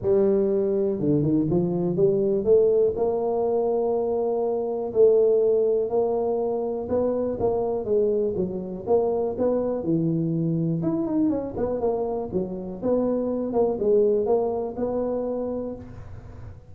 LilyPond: \new Staff \with { instrumentName = "tuba" } { \time 4/4 \tempo 4 = 122 g2 d8 dis8 f4 | g4 a4 ais2~ | ais2 a2 | ais2 b4 ais4 |
gis4 fis4 ais4 b4 | e2 e'8 dis'8 cis'8 b8 | ais4 fis4 b4. ais8 | gis4 ais4 b2 | }